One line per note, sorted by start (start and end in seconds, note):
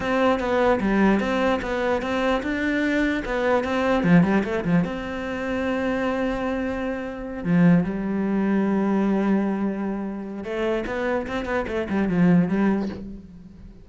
0.00 0.39 C4
0.39 0.79 B3
0.80 1.20 G3
1.20 1.60 C4
1.62 2.02 B3
2.02 2.42 C4
2.42 3.23 D4
3.25 3.64 B3
3.64 4.03 C4
4.03 4.23 F3
4.23 4.43 G3
4.44 4.64 A3
4.64 4.84 F3
4.84 7.43 C4
7.43 7.84 F3
7.84 10.44 G3
10.44 10.84 A3
10.86 11.26 B3
11.27 11.45 C4
11.45 11.65 B3
11.67 11.87 A3
11.89 12.09 G3
12.09 12.48 F3
12.48 12.88 G3